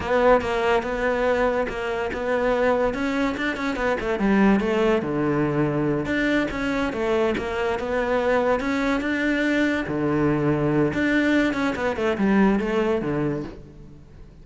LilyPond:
\new Staff \with { instrumentName = "cello" } { \time 4/4 \tempo 4 = 143 b4 ais4 b2 | ais4 b2 cis'4 | d'8 cis'8 b8 a8 g4 a4 | d2~ d8 d'4 cis'8~ |
cis'8 a4 ais4 b4.~ | b8 cis'4 d'2 d8~ | d2 d'4. cis'8 | b8 a8 g4 a4 d4 | }